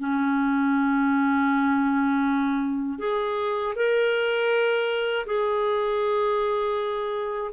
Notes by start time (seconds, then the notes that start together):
0.00 C#4
2.99 G#4
3.76 A#4
5.26 G#4